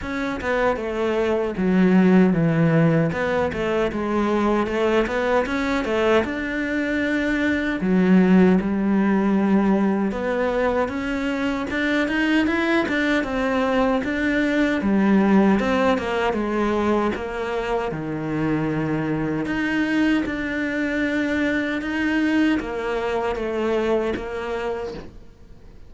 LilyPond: \new Staff \with { instrumentName = "cello" } { \time 4/4 \tempo 4 = 77 cis'8 b8 a4 fis4 e4 | b8 a8 gis4 a8 b8 cis'8 a8 | d'2 fis4 g4~ | g4 b4 cis'4 d'8 dis'8 |
e'8 d'8 c'4 d'4 g4 | c'8 ais8 gis4 ais4 dis4~ | dis4 dis'4 d'2 | dis'4 ais4 a4 ais4 | }